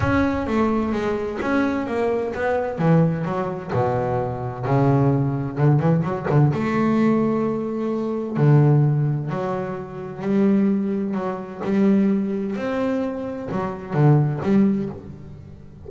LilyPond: \new Staff \with { instrumentName = "double bass" } { \time 4/4 \tempo 4 = 129 cis'4 a4 gis4 cis'4 | ais4 b4 e4 fis4 | b,2 cis2 | d8 e8 fis8 d8 a2~ |
a2 d2 | fis2 g2 | fis4 g2 c'4~ | c'4 fis4 d4 g4 | }